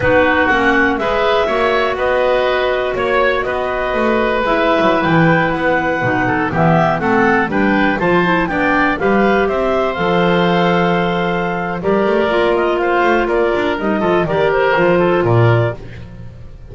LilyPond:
<<
  \new Staff \with { instrumentName = "clarinet" } { \time 4/4 \tempo 4 = 122 b'4 fis''4 e''2 | dis''2 cis''4 dis''4~ | dis''4 e''4~ e''16 g''4 fis''8.~ | fis''4~ fis''16 e''4 fis''4 g''8.~ |
g''16 a''4 g''4 f''4 e''8.~ | e''16 f''2.~ f''8. | d''4. dis''8 f''4 d''4 | dis''4 d''8 c''4. d''4 | }
  \new Staff \with { instrumentName = "oboe" } { \time 4/4 fis'2 b'4 cis''4 | b'2 cis''4 b'4~ | b'1~ | b'8. a'8 g'4 a'4 b'8.~ |
b'16 c''4 d''4 b'4 c''8.~ | c''1 | ais'2 c''4 ais'4~ | ais'8 a'8 ais'4. a'8 ais'4 | }
  \new Staff \with { instrumentName = "clarinet" } { \time 4/4 dis'4 cis'4 gis'4 fis'4~ | fis'1~ | fis'4 e'2.~ | e'16 dis'4 b4 c'4 d'8.~ |
d'16 f'8 e'8 d'4 g'4.~ g'16~ | g'16 a'2.~ a'8. | g'4 f'2. | dis'8 f'8 g'4 f'2 | }
  \new Staff \with { instrumentName = "double bass" } { \time 4/4 b4 ais4 gis4 ais4 | b2 ais4 b4 | a4 gis8. fis8 e4 b8.~ | b16 b,4 e4 a4 g8.~ |
g16 f4 b4 g4 c'8.~ | c'16 f2.~ f8. | g8 a8 ais4. a8 ais8 d'8 | g8 f8 dis4 f4 ais,4 | }
>>